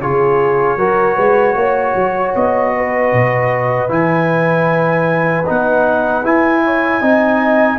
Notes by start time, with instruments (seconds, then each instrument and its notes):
0.00 tuba C#3, trombone F4, horn G#4, trumpet C#5
0.76 tuba F#3, trombone F#4, horn A#4
1.15 tuba G#3, horn B4
1.55 tuba A#3, horn C#5
1.95 tuba F#3
2.35 tuba B3, trumpet D#5
2.76 horn B4
3.12 tuba B2
3.88 tuba E3, trombone E4, trumpet G#5
5.46 tuba B3, trombone D#4, trumpet F#5
6.23 trombone E4, tuba E4, trumpet G#5
6.64 horn C#5
7.01 tuba C4, trombone D#4, horn D#5